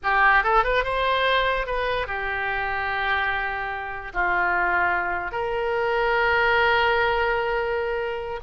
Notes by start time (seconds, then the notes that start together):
0.03 G4
0.43 A4
0.64 B4
0.84 C5
1.66 B4
2.07 G4
4.13 F4
5.31 A#4